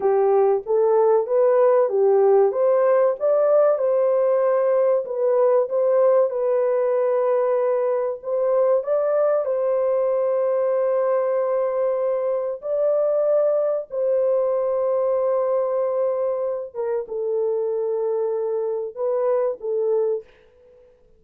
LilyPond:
\new Staff \with { instrumentName = "horn" } { \time 4/4 \tempo 4 = 95 g'4 a'4 b'4 g'4 | c''4 d''4 c''2 | b'4 c''4 b'2~ | b'4 c''4 d''4 c''4~ |
c''1 | d''2 c''2~ | c''2~ c''8 ais'8 a'4~ | a'2 b'4 a'4 | }